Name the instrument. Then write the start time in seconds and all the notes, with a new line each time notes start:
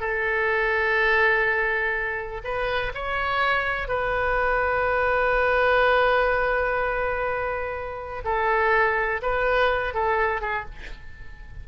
oboe
0.00 A4
2.44 B4
2.95 C#5
3.88 B4
8.25 A4
9.22 B4
9.94 A4
10.41 G#4